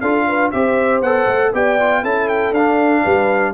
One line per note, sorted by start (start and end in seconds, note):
0.00 0.52 D4
0.00 0.53 F4
0.00 0.26 A4
0.00 0.50 F5
0.27 0.52 B4
0.51 1.01 C4
0.51 1.03 G4
0.51 1.52 C5
0.51 1.01 E5
1.01 1.27 B3
1.01 1.53 A4
1.01 1.52 F#5
1.27 1.52 A3
1.53 2.03 B3
1.53 1.78 G4
1.53 2.02 D5
1.53 2.04 G5
1.79 2.03 F4
2.02 2.51 C#4
2.02 2.54 E4
2.02 3.02 A4
2.02 2.28 A5
2.28 2.53 G5
2.51 3.02 D4
2.51 3.54 D4
2.51 3.54 F5
3.02 3.54 G3
3.02 3.53 B4